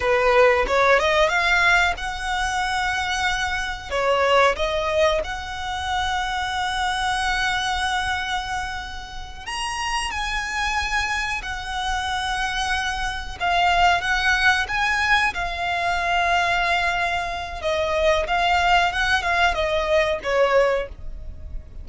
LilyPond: \new Staff \with { instrumentName = "violin" } { \time 4/4 \tempo 4 = 92 b'4 cis''8 dis''8 f''4 fis''4~ | fis''2 cis''4 dis''4 | fis''1~ | fis''2~ fis''8 ais''4 gis''8~ |
gis''4. fis''2~ fis''8~ | fis''8 f''4 fis''4 gis''4 f''8~ | f''2. dis''4 | f''4 fis''8 f''8 dis''4 cis''4 | }